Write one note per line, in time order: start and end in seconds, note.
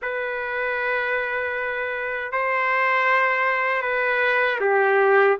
0.01 2.32 B4
2.32 3.82 C5
3.82 4.59 B4
4.60 5.37 G4